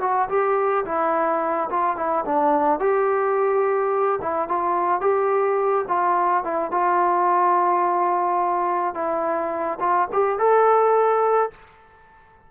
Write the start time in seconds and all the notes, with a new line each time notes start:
0.00 F#4
0.29 G4
0.85 E4
1.70 F4
1.96 E4
2.25 D4
2.79 G4
4.21 E4
4.48 F4
5.01 G4
5.88 F4
6.44 E4
6.71 F4
8.94 E4
9.80 F4
10.12 G4
10.38 A4